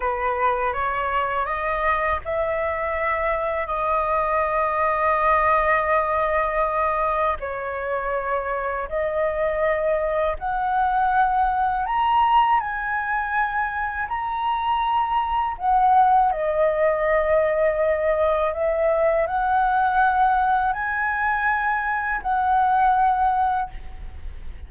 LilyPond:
\new Staff \with { instrumentName = "flute" } { \time 4/4 \tempo 4 = 81 b'4 cis''4 dis''4 e''4~ | e''4 dis''2.~ | dis''2 cis''2 | dis''2 fis''2 |
ais''4 gis''2 ais''4~ | ais''4 fis''4 dis''2~ | dis''4 e''4 fis''2 | gis''2 fis''2 | }